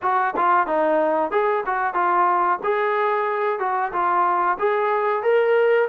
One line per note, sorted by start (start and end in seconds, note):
0.01 0.34 F#4
0.36 0.66 F4
0.66 1.31 D#4
1.31 1.64 G#4
1.65 1.94 F#4
1.94 2.59 F4
2.63 3.59 G#4
3.59 3.92 F#4
3.92 4.57 F4
4.58 5.22 G#4
5.22 5.88 A#4